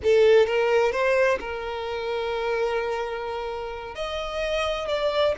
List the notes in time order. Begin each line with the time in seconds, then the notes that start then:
0.03 A4
0.46 A#4
0.92 C5
1.40 A#4
3.95 D#5
4.88 D5